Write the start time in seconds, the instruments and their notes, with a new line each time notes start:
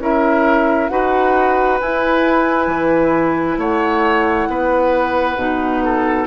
0.00 bassoon C#4, clarinet E4, oboe A#4, flute E5
0.89 bassoon D#4, clarinet F#4, oboe B4, flute F#5
1.80 bassoon E4, clarinet E4, flute G#5
2.67 bassoon E3
3.58 bassoon A3, oboe C#5, flute F#5
4.49 bassoon B3, oboe B4
5.37 bassoon B2, clarinet D#4
5.84 oboe A4